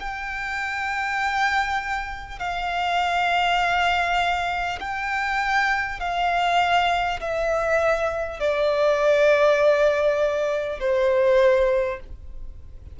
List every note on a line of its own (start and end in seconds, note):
0.00 2.39 G5
2.39 4.79 F5
4.79 5.99 G5
5.99 7.19 F5
7.21 8.40 E5
8.40 10.79 D5
10.79 11.99 C5